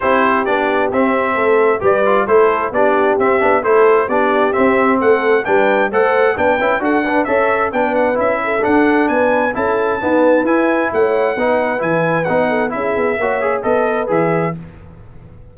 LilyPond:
<<
  \new Staff \with { instrumentName = "trumpet" } { \time 4/4 \tempo 4 = 132 c''4 d''4 e''2 | d''4 c''4 d''4 e''4 | c''4 d''4 e''4 fis''4 | g''4 fis''4 g''4 fis''4 |
e''4 g''8 fis''8 e''4 fis''4 | gis''4 a''2 gis''4 | fis''2 gis''4 fis''4 | e''2 dis''4 e''4 | }
  \new Staff \with { instrumentName = "horn" } { \time 4/4 g'2. a'4 | b'4 a'4 g'2 | a'4 g'2 a'4 | b'4 c''4 b'4 a'8 b'8 |
cis''4 b'4. a'4. | b'4 a'4 b'2 | cis''4 b'2~ b'8 a'8 | gis'4 cis''4 b'2 | }
  \new Staff \with { instrumentName = "trombone" } { \time 4/4 e'4 d'4 c'2 | g'8 f'8 e'4 d'4 c'8 d'8 | e'4 d'4 c'2 | d'4 a'4 d'8 e'8 fis'8 d'8 |
a'4 d'4 e'4 d'4~ | d'4 e'4 b4 e'4~ | e'4 dis'4 e'4 dis'4 | e'4 fis'8 gis'8 a'4 gis'4 | }
  \new Staff \with { instrumentName = "tuba" } { \time 4/4 c'4 b4 c'4 a4 | g4 a4 b4 c'8 b8 | a4 b4 c'4 a4 | g4 a4 b8 cis'8 d'4 |
cis'4 b4 cis'4 d'4 | b4 cis'4 dis'4 e'4 | a4 b4 e4 b4 | cis'8 b8 ais4 b4 e4 | }
>>